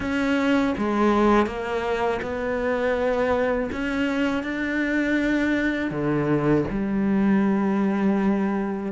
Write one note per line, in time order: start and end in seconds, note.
0.00 0.74 C#4
0.77 1.46 G#3
1.46 2.20 A#3
2.22 3.70 B3
3.71 4.43 C#4
4.43 5.90 D4
5.90 6.64 D3
6.70 8.92 G3